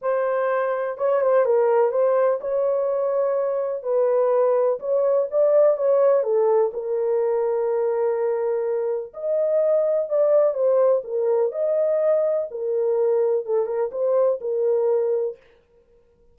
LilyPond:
\new Staff \with { instrumentName = "horn" } { \time 4/4 \tempo 4 = 125 c''2 cis''8 c''8 ais'4 | c''4 cis''2. | b'2 cis''4 d''4 | cis''4 a'4 ais'2~ |
ais'2. dis''4~ | dis''4 d''4 c''4 ais'4 | dis''2 ais'2 | a'8 ais'8 c''4 ais'2 | }